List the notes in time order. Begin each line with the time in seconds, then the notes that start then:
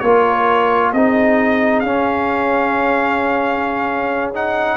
0.00 A#3 F4 A#4 C#5
0.93 C4 D#4 G#4 D#5
1.80 C#4 F5
4.34 D#4 F#5